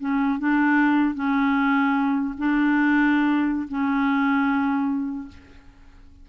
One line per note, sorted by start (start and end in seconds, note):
0.00 0.39 C#4
0.39 1.15 D4
1.15 2.35 C#4
2.38 3.68 D4
3.68 5.28 C#4